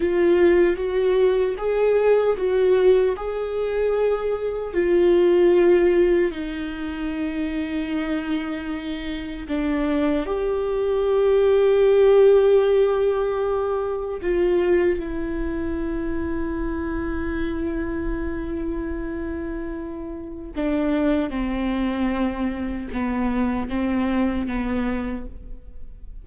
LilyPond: \new Staff \with { instrumentName = "viola" } { \time 4/4 \tempo 4 = 76 f'4 fis'4 gis'4 fis'4 | gis'2 f'2 | dis'1 | d'4 g'2.~ |
g'2 f'4 e'4~ | e'1~ | e'2 d'4 c'4~ | c'4 b4 c'4 b4 | }